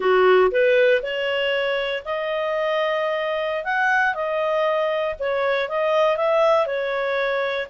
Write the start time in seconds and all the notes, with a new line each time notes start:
0.00 F#4
0.51 B4
1.02 C#5
2.04 D#5
3.64 F#5
4.14 D#5
5.19 C#5
5.68 D#5
6.17 E5
6.66 C#5